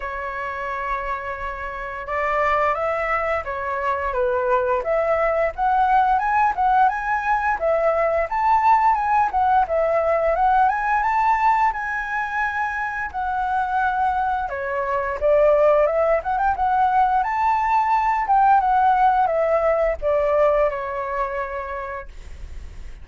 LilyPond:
\new Staff \with { instrumentName = "flute" } { \time 4/4 \tempo 4 = 87 cis''2. d''4 | e''4 cis''4 b'4 e''4 | fis''4 gis''8 fis''8 gis''4 e''4 | a''4 gis''8 fis''8 e''4 fis''8 gis''8 |
a''4 gis''2 fis''4~ | fis''4 cis''4 d''4 e''8 fis''16 g''16 | fis''4 a''4. g''8 fis''4 | e''4 d''4 cis''2 | }